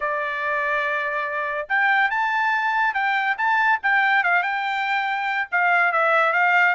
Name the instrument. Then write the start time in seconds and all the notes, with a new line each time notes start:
trumpet
0.00 D5
1.68 G5
2.10 A5
2.94 G5
3.37 A5
3.82 G5
4.23 F5
4.43 G5
5.51 F5
5.92 E5
6.32 F5